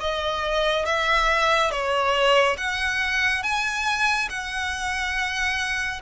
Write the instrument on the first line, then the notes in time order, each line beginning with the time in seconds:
violin
0.00 D#5
0.85 E5
1.71 C#5
2.57 F#5
3.42 G#5
4.29 F#5